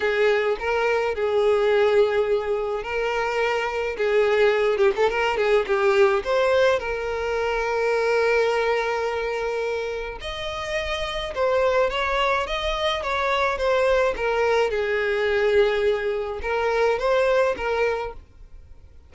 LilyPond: \new Staff \with { instrumentName = "violin" } { \time 4/4 \tempo 4 = 106 gis'4 ais'4 gis'2~ | gis'4 ais'2 gis'4~ | gis'8 g'16 a'16 ais'8 gis'8 g'4 c''4 | ais'1~ |
ais'2 dis''2 | c''4 cis''4 dis''4 cis''4 | c''4 ais'4 gis'2~ | gis'4 ais'4 c''4 ais'4 | }